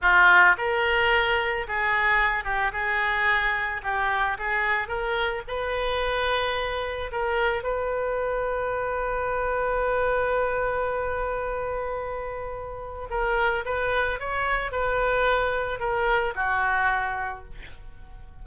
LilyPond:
\new Staff \with { instrumentName = "oboe" } { \time 4/4 \tempo 4 = 110 f'4 ais'2 gis'4~ | gis'8 g'8 gis'2 g'4 | gis'4 ais'4 b'2~ | b'4 ais'4 b'2~ |
b'1~ | b'1 | ais'4 b'4 cis''4 b'4~ | b'4 ais'4 fis'2 | }